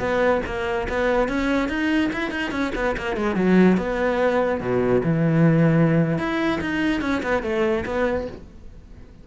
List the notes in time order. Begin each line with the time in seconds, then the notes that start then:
0.00 B3
0.46 A#3
0.89 B3
1.29 C#4
1.69 D#4
2.13 E4
2.31 D#4
2.52 C#4
2.76 B3
2.98 A#3
3.17 G#3
3.36 F#3
3.78 B3
4.61 B2
5.04 E3
6.19 E4
6.61 D#4
7.02 C#4
7.23 B3
7.43 A3
7.86 B3